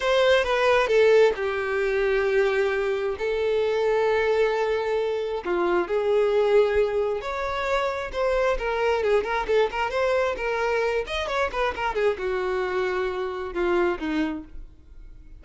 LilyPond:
\new Staff \with { instrumentName = "violin" } { \time 4/4 \tempo 4 = 133 c''4 b'4 a'4 g'4~ | g'2. a'4~ | a'1 | f'4 gis'2. |
cis''2 c''4 ais'4 | gis'8 ais'8 a'8 ais'8 c''4 ais'4~ | ais'8 dis''8 cis''8 b'8 ais'8 gis'8 fis'4~ | fis'2 f'4 dis'4 | }